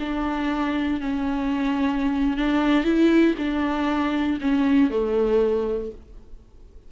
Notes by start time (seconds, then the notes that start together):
0.00 D4
1.00 C#4
2.37 D4
2.84 E4
3.38 D4
4.41 C#4
4.90 A3